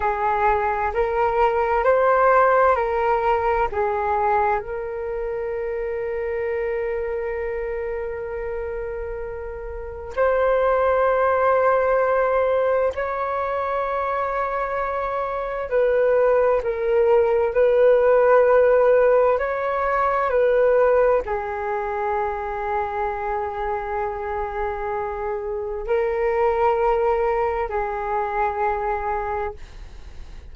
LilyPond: \new Staff \with { instrumentName = "flute" } { \time 4/4 \tempo 4 = 65 gis'4 ais'4 c''4 ais'4 | gis'4 ais'2.~ | ais'2. c''4~ | c''2 cis''2~ |
cis''4 b'4 ais'4 b'4~ | b'4 cis''4 b'4 gis'4~ | gis'1 | ais'2 gis'2 | }